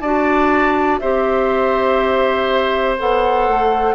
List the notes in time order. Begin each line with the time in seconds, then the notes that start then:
0.00 D4 F#4 D5 A5
0.99 C4 G4 C5 E5
2.98 B3 A4 F#5
3.48 A3